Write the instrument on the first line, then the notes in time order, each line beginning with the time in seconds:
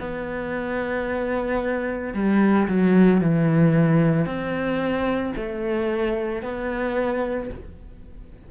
cello
0.00 B3
2.14 G3
2.68 F#3
3.20 E3
4.26 C4
5.36 A3
6.42 B3